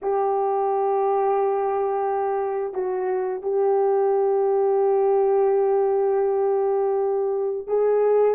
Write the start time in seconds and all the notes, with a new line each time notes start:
0.02 G4
2.73 F#4
3.42 G4
7.67 G#4